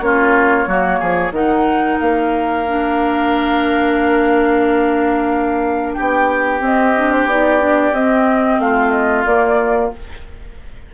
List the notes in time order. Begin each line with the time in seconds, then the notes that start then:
0.00 A#3 C#4 F4 C#5
0.66 F#3 A#3 F#4
0.99 F3 G#4
1.31 D#3 D#4 A#4 F#5
2.00 A#3 F5
2.67 D4
5.94 B3 G4 G5
6.60 C4 D#5
6.96 D4
7.12 C5
7.25 B3 D#4 D5
7.59 D4
7.92 C4 D#5
8.59 A3 F4 F5
8.91 D#5
9.25 A#3 D5